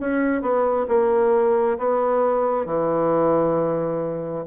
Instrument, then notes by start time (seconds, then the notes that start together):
bassoon
0.00 C#4
0.41 B3
0.88 A#3
1.78 B3
2.65 E3